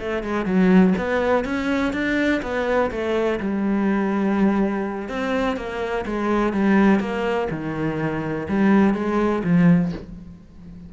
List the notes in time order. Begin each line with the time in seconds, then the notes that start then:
0.00 A3
0.23 G#3
0.46 F#3
0.98 B3
1.45 C#4
1.93 D4
2.43 B3
2.91 A3
3.40 G3
5.09 C4
5.57 A#3
6.06 G#3
6.53 G3
7.00 A#3
7.51 D#3
8.49 G3
8.95 G#3
9.44 F3